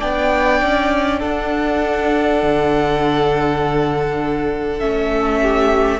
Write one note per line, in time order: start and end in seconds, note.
0.00 0.62 B3
0.00 4.80 D4
0.00 1.20 D5
0.00 1.21 G5
0.62 1.22 C#4
1.20 2.43 D4
1.20 5.40 A4
1.20 4.80 F#5
2.43 4.83 D3
4.80 6.00 A3
4.80 6.00 C#4
4.80 6.00 E5
5.43 6.00 G4